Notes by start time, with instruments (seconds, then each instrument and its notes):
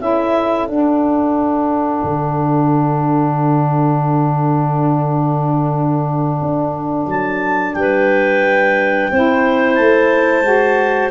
0.00 tuba C#4, saxophone E4, clarinet A4 E5
0.68 tuba D4, saxophone D4, clarinet F#5
2.03 tuba D3
6.41 tuba D4
7.06 tuba F#3, clarinet A5
7.74 tuba G3, clarinet B4 G5
9.11 tuba C4, saxophone E4, clarinet C5
9.75 tuba A3, clarinet A5
10.42 tuba G#3, saxophone F#4